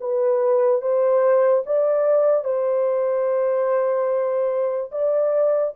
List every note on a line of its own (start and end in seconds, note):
0.00 0.81 B4
0.81 1.63 C5
1.66 2.44 D5
2.44 4.91 C5
4.91 5.73 D5